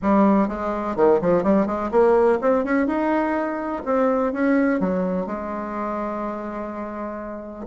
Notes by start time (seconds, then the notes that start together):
0.02 G3
0.48 G#3
0.96 D#3
1.21 F3
1.43 G3
1.66 G#3
1.91 A#3
2.41 C4
2.64 C#4
2.86 D#4
3.85 C4
4.32 C#4
4.80 F#3
5.26 G#3